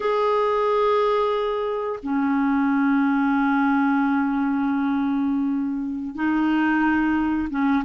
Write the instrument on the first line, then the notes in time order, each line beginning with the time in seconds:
clarinet
0.00 G#4
2.02 C#4
6.15 D#4
7.50 C#4